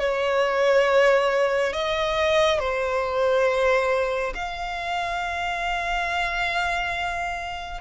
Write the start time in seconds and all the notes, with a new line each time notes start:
0.00 C#5
1.74 D#5
2.60 C5
4.35 F5